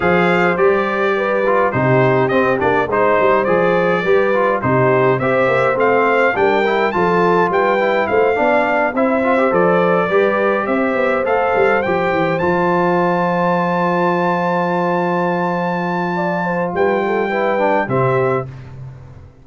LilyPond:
<<
  \new Staff \with { instrumentName = "trumpet" } { \time 4/4 \tempo 4 = 104 f''4 d''2 c''4 | dis''8 d''8 c''4 d''2 | c''4 e''4 f''4 g''4 | a''4 g''4 f''4. e''8~ |
e''8 d''2 e''4 f''8~ | f''8 g''4 a''2~ a''8~ | a''1~ | a''4 g''2 e''4 | }
  \new Staff \with { instrumentName = "horn" } { \time 4/4 c''2 b'4 g'4~ | g'4 c''2 b'4 | g'4 c''2 ais'4 | a'4 b'4 c''8 d''4 c''8~ |
c''4. b'4 c''4.~ | c''1~ | c''1 | d''8 c''8 b'8 a'8 b'4 g'4 | }
  \new Staff \with { instrumentName = "trombone" } { \time 4/4 gis'4 g'4. f'8 dis'4 | c'8 d'8 dis'4 gis'4 g'8 f'8 | dis'4 g'4 c'4 d'8 e'8 | f'4. e'4 d'4 e'8 |
f'16 g'16 a'4 g'2 a'8~ | a'8 g'4 f'2~ f'8~ | f'1~ | f'2 e'8 d'8 c'4 | }
  \new Staff \with { instrumentName = "tuba" } { \time 4/4 f4 g2 c4 | c'8 ais8 gis8 g8 f4 g4 | c4 c'8 ais8 a4 g4 | f4 g4 a8 b4 c'8~ |
c'8 f4 g4 c'8 b8 a8 | g8 f8 e8 f2~ f8~ | f1~ | f4 g2 c4 | }
>>